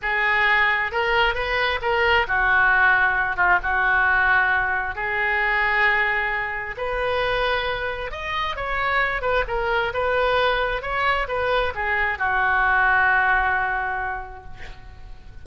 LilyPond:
\new Staff \with { instrumentName = "oboe" } { \time 4/4 \tempo 4 = 133 gis'2 ais'4 b'4 | ais'4 fis'2~ fis'8 f'8 | fis'2. gis'4~ | gis'2. b'4~ |
b'2 dis''4 cis''4~ | cis''8 b'8 ais'4 b'2 | cis''4 b'4 gis'4 fis'4~ | fis'1 | }